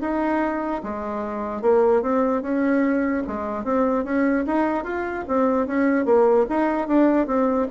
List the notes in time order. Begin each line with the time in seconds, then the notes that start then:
0.00 D#4
0.83 G#3
1.61 A#3
2.02 C4
2.41 C#4
3.27 G#3
3.64 C4
4.04 C#4
4.46 D#4
4.84 F4
5.27 C4
5.66 C#4
6.05 A#3
6.49 D#4
6.87 D4
7.26 C4